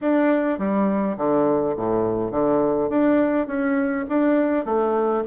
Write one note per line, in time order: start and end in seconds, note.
0.01 0.58 D4
0.58 1.17 G3
1.17 1.75 D3
1.76 2.31 A2
2.31 2.89 D3
2.89 3.47 D4
3.47 4.05 C#4
4.09 4.65 D4
4.65 5.23 A3